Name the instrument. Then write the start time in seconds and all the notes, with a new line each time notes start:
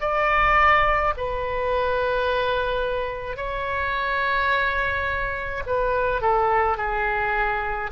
oboe
0.00 D5
1.17 B4
3.37 C#5
5.66 B4
6.21 A4
6.77 G#4